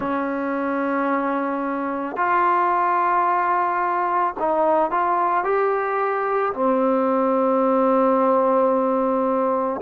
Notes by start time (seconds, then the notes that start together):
0.00 C#4
2.16 F4
4.39 D#4
4.90 F4
5.43 G4
6.53 C4